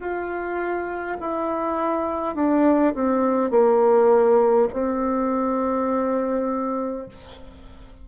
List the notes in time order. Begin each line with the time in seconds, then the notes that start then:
0.00 F4
1.20 E4
2.36 D4
2.95 C4
3.51 A#3
4.73 C4